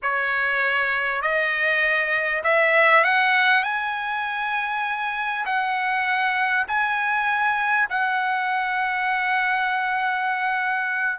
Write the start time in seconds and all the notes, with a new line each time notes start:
0.02 C#5
1.21 D#5
2.43 E5
3.04 F#5
3.63 G#5
5.45 F#5
6.67 G#5
7.90 F#5